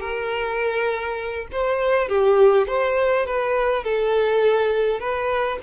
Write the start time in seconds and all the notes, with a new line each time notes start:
0.00 A#4
1.51 C5
2.08 G4
2.67 C5
3.26 B4
3.83 A4
4.99 B4